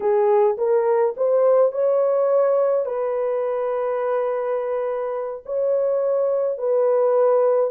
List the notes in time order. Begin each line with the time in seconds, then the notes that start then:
0.00 G#4
0.57 A#4
1.16 C5
1.72 C#5
2.85 B4
5.45 C#5
6.58 B4